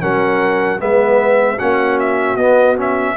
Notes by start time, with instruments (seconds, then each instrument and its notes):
0.00 tuba F#3, trombone C#4, horn A#4, trumpet F#5
0.79 tuba G#3, trombone B3, horn B4, trumpet E5
1.55 trombone C#4, horn F#4, trumpet F#5
1.62 tuba A#3
2.00 trumpet E5
2.36 tuba B3, trombone B3, trumpet D#5
2.76 trombone C#4, trumpet E5